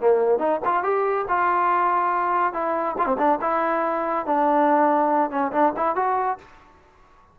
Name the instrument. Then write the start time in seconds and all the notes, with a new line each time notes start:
trombone
0.00 A#3
0.39 D#4
0.65 F4
0.83 G4
1.29 F4
2.53 E4
2.98 F4
3.06 C4
3.18 D4
3.42 E4
4.26 D4
5.30 C#4
5.52 D4
5.77 E4
5.96 F#4